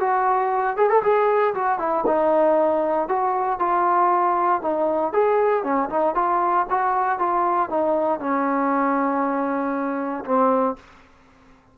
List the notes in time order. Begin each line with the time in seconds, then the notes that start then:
0.00 F#4
0.76 G#4
0.89 A4
1.03 G#4
1.54 F#4
1.78 E4
2.06 D#4
3.08 F#4
3.59 F4
4.61 D#4
5.13 G#4
5.63 C#4
5.89 D#4
6.15 F4
6.69 F#4
7.18 F4
7.69 D#4
8.19 C#4
10.24 C4